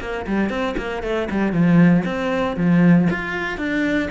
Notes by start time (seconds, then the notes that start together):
0.00 A#3
0.27 G3
0.49 C4
0.77 A#3
1.03 A3
1.30 G3
1.52 F3
2.05 C4
2.56 F3
3.10 F4
3.57 D4